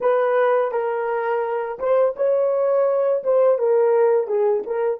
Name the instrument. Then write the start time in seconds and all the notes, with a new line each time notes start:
horn
0.00 B4
0.71 A#4
1.79 C5
2.16 C#5
3.23 C5
3.58 A#4
4.27 G#4
4.66 A#4